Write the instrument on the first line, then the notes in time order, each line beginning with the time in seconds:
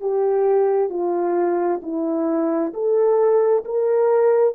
horn
0.00 G4
0.89 F4
1.82 E4
2.73 A4
3.64 A#4